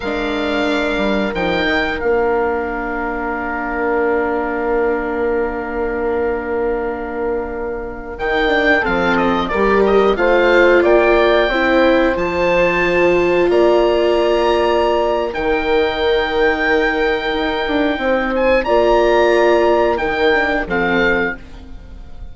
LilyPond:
<<
  \new Staff \with { instrumentName = "oboe" } { \time 4/4 \tempo 4 = 90 f''2 g''4 f''4~ | f''1~ | f''1~ | f''16 g''4 f''8 dis''8 d''8 dis''8 f''8.~ |
f''16 g''2 a''4.~ a''16~ | a''16 ais''2~ ais''8. g''4~ | g''2.~ g''8 gis''8 | ais''2 g''4 f''4 | }
  \new Staff \with { instrumentName = "horn" } { \time 4/4 ais'1~ | ais'1~ | ais'1~ | ais'4~ ais'16 a'4 ais'4 c''8.~ |
c''16 d''4 c''2~ c''8.~ | c''16 d''2~ d''8. ais'4~ | ais'2. c''4 | d''2 ais'4 a'4 | }
  \new Staff \with { instrumentName = "viola" } { \time 4/4 d'2 dis'4 d'4~ | d'1~ | d'1~ | d'16 dis'8 d'8 c'4 g'4 f'8.~ |
f'4~ f'16 e'4 f'4.~ f'16~ | f'2. dis'4~ | dis'1 | f'2 dis'8 d'8 c'4 | }
  \new Staff \with { instrumentName = "bassoon" } { \time 4/4 gis4. g8 f8 dis8 ais4~ | ais1~ | ais1~ | ais16 dis4 f4 g4 a8.~ |
a16 ais4 c'4 f4.~ f16~ | f16 ais2~ ais8. dis4~ | dis2 dis'8 d'8 c'4 | ais2 dis4 f4 | }
>>